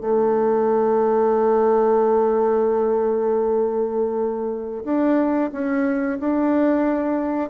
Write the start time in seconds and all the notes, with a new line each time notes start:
0.00 A3
4.84 D4
5.52 C#4
6.20 D4